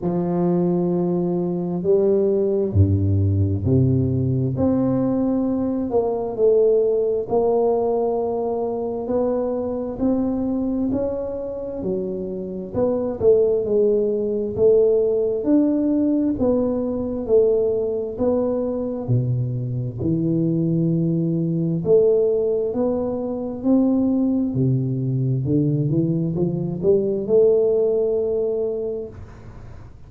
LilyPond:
\new Staff \with { instrumentName = "tuba" } { \time 4/4 \tempo 4 = 66 f2 g4 g,4 | c4 c'4. ais8 a4 | ais2 b4 c'4 | cis'4 fis4 b8 a8 gis4 |
a4 d'4 b4 a4 | b4 b,4 e2 | a4 b4 c'4 c4 | d8 e8 f8 g8 a2 | }